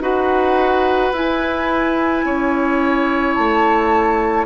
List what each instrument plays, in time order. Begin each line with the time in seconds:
0.00 bassoon D#4, clarinet F#4, oboe B4, flute F#5
1.13 bassoon E4, clarinet E4, flute G#5
2.24 bassoon C#4, oboe C#5
3.34 bassoon A3, flute A5